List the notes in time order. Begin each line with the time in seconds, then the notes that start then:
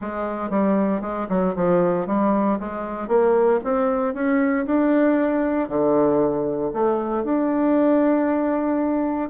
0.01 G#3
0.50 G3
1.01 G#3
1.29 F#3
1.55 F3
2.07 G3
2.59 G#3
3.08 A#3
3.63 C4
4.14 C#4
4.66 D4
5.68 D3
6.73 A3
7.24 D4